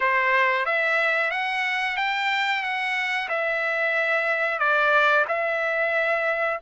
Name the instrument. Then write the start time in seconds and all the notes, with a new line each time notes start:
trumpet
0.00 C5
0.65 E5
1.30 F#5
1.96 G5
2.62 F#5
3.28 E5
4.59 D5
5.27 E5